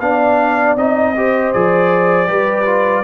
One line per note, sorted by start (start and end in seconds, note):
0.00 0.76 B3
0.00 0.77 D4
0.00 1.16 D5
0.00 0.76 F5
0.76 1.52 C4
0.76 1.15 D#4
0.76 1.53 D#5
1.16 1.54 G4
1.16 2.28 C5
1.53 2.28 F3
1.53 2.27 G#4
1.53 3.04 D5
2.27 3.04 G3
2.27 2.65 G4
2.27 3.04 B4
2.65 3.03 F4